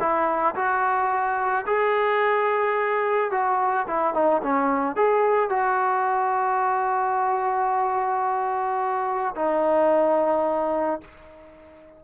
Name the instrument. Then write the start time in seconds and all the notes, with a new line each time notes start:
trombone
0.00 E4
0.56 F#4
1.66 G#4
3.32 F#4
3.88 E4
4.14 D#4
4.43 C#4
4.96 G#4
5.50 F#4
9.36 D#4